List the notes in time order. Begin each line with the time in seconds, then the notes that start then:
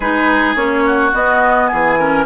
0.00 G#3 D#4 G#4 B4
0.55 A#3 C#4 C#5
0.85 F#4
1.12 B3 D#5
1.67 E3 G#4 G#5
1.98 C#4 A#4